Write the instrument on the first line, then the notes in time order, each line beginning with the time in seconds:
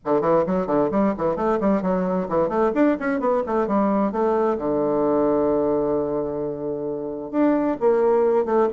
bassoon
0.05 D3
0.21 E3
0.46 F#3
0.66 D3
0.91 G3
1.17 E3
1.36 A3
1.60 G3
1.82 F#3
2.28 E3
2.48 A3
2.74 D4
2.99 C#4
3.20 B3
3.46 A3
3.67 G3
4.12 A3
4.58 D3
7.31 D4
7.80 A#3
8.45 A3